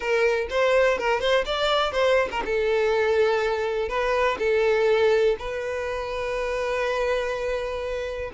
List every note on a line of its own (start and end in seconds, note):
0.00 0.47 A#4
0.50 0.98 C5
0.98 1.20 A#4
1.20 1.45 C5
1.45 1.92 D5
1.92 2.28 C5
2.31 2.43 A#4
2.45 3.88 A4
3.88 4.37 B4
4.38 5.36 A4
5.38 8.31 B4